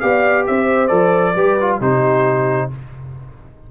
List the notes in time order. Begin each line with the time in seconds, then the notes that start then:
0.00 B3 G4 D5 F5
0.46 C4 C5 E5
0.87 F3 A4 D5
1.35 G3 G4 B4
1.60 F4
1.79 C3 D#4 G4 C5